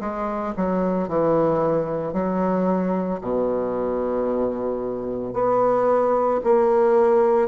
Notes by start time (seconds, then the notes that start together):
0.00 G#3
0.56 F#3
1.09 E3
2.13 F#3
3.21 B2
5.33 B3
6.44 A#3